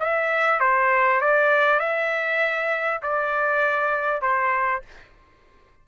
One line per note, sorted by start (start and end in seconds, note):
0.00 0.60 E5
0.60 1.21 C5
1.21 1.80 D5
1.80 3.01 E5
3.02 4.21 D5
4.21 4.82 C5